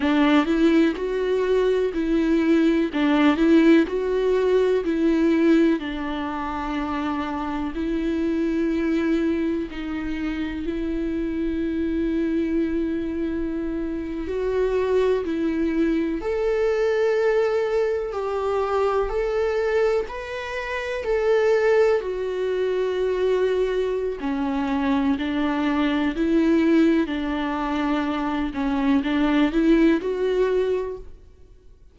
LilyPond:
\new Staff \with { instrumentName = "viola" } { \time 4/4 \tempo 4 = 62 d'8 e'8 fis'4 e'4 d'8 e'8 | fis'4 e'4 d'2 | e'2 dis'4 e'4~ | e'2~ e'8. fis'4 e'16~ |
e'8. a'2 g'4 a'16~ | a'8. b'4 a'4 fis'4~ fis'16~ | fis'4 cis'4 d'4 e'4 | d'4. cis'8 d'8 e'8 fis'4 | }